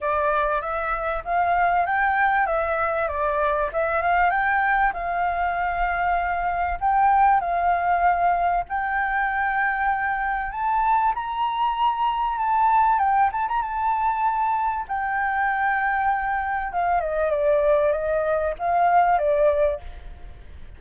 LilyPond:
\new Staff \with { instrumentName = "flute" } { \time 4/4 \tempo 4 = 97 d''4 e''4 f''4 g''4 | e''4 d''4 e''8 f''8 g''4 | f''2. g''4 | f''2 g''2~ |
g''4 a''4 ais''2 | a''4 g''8 a''16 ais''16 a''2 | g''2. f''8 dis''8 | d''4 dis''4 f''4 d''4 | }